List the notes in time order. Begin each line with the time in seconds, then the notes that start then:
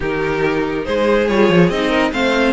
0.00 D#3 D#4 G4 A#4
0.85 G#3 G#4 C5
1.27 G3 F4 C#5
1.49 F3
1.69 C4 D#4 D#5
1.89 A#4
2.12 A3 C4 C5 F5